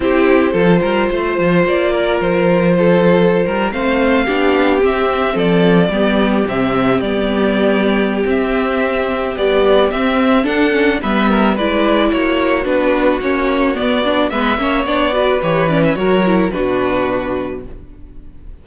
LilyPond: <<
  \new Staff \with { instrumentName = "violin" } { \time 4/4 \tempo 4 = 109 c''2. d''4 | c''2~ c''8. f''4~ f''16~ | f''8. e''4 d''2 e''16~ | e''8. d''2~ d''16 e''4~ |
e''4 d''4 e''4 fis''4 | e''4 d''4 cis''4 b'4 | cis''4 d''4 e''4 d''4 | cis''8 d''16 e''16 cis''4 b'2 | }
  \new Staff \with { instrumentName = "violin" } { \time 4/4 g'4 a'8 ais'8 c''4. ais'8~ | ais'4 a'4~ a'16 ais'8 c''4 g'16~ | g'4.~ g'16 a'4 g'4~ g'16~ | g'1~ |
g'2. a'4 | b'8 ais'8 b'4 fis'2~ | fis'2 b'8 cis''4 b'8~ | b'4 ais'4 fis'2 | }
  \new Staff \with { instrumentName = "viola" } { \time 4/4 e'4 f'2.~ | f'2~ f'8. c'4 d'16~ | d'8. c'2 b4 c'16~ | c'8. b2~ b16 c'4~ |
c'4 g4 c'4 d'8 cis'8 | b4 e'2 d'4 | cis'4 b8 d'8 b8 cis'8 d'8 fis'8 | g'8 cis'8 fis'8 e'8 d'2 | }
  \new Staff \with { instrumentName = "cello" } { \time 4/4 c'4 f8 g8 a8 f8 ais4 | f2~ f16 g8 a4 b16~ | b8. c'4 f4 g4 c16~ | c8. g2~ g16 c'4~ |
c'4 b4 c'4 d'4 | g4 gis4 ais4 b4 | ais4 b4 gis8 ais8 b4 | e4 fis4 b,2 | }
>>